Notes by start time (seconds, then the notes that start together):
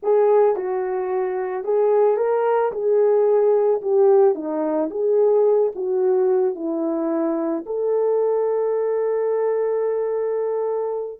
0.02 G#4
0.56 F#4
1.64 G#4
2.16 A#4
2.71 G#4
3.81 G4
4.35 D#4
4.90 G#4
5.75 F#4
6.55 E4
7.66 A4